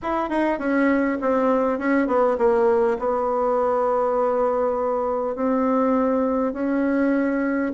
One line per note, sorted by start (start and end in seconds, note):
0.02 0.29 E4
0.29 0.58 D#4
0.58 1.18 C#4
1.21 1.78 C4
1.78 2.07 C#4
2.07 2.37 B3
2.38 2.97 A#3
2.98 5.35 B3
5.35 6.53 C4
6.53 7.72 C#4